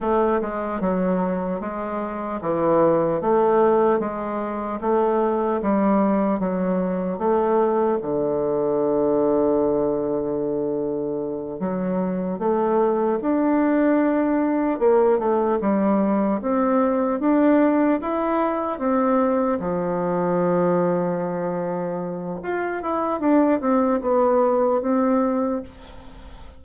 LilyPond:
\new Staff \with { instrumentName = "bassoon" } { \time 4/4 \tempo 4 = 75 a8 gis8 fis4 gis4 e4 | a4 gis4 a4 g4 | fis4 a4 d2~ | d2~ d8 fis4 a8~ |
a8 d'2 ais8 a8 g8~ | g8 c'4 d'4 e'4 c'8~ | c'8 f2.~ f8 | f'8 e'8 d'8 c'8 b4 c'4 | }